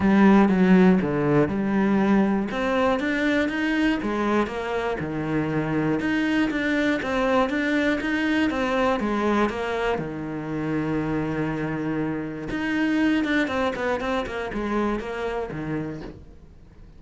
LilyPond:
\new Staff \with { instrumentName = "cello" } { \time 4/4 \tempo 4 = 120 g4 fis4 d4 g4~ | g4 c'4 d'4 dis'4 | gis4 ais4 dis2 | dis'4 d'4 c'4 d'4 |
dis'4 c'4 gis4 ais4 | dis1~ | dis4 dis'4. d'8 c'8 b8 | c'8 ais8 gis4 ais4 dis4 | }